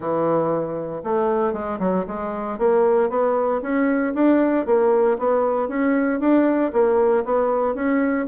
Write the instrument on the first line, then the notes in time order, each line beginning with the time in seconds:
bassoon
0.00 E3
1.03 A3
1.53 G#3
1.79 F#3
2.07 G#3
2.58 A#3
3.09 B3
3.62 C#4
4.14 D4
4.66 A#3
5.18 B3
5.68 C#4
6.20 D4
6.72 A#3
7.25 B3
7.74 C#4